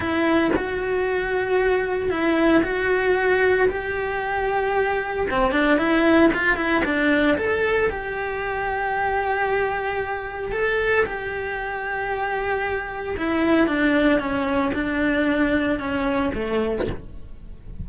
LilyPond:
\new Staff \with { instrumentName = "cello" } { \time 4/4 \tempo 4 = 114 e'4 fis'2. | e'4 fis'2 g'4~ | g'2 c'8 d'8 e'4 | f'8 e'8 d'4 a'4 g'4~ |
g'1 | a'4 g'2.~ | g'4 e'4 d'4 cis'4 | d'2 cis'4 a4 | }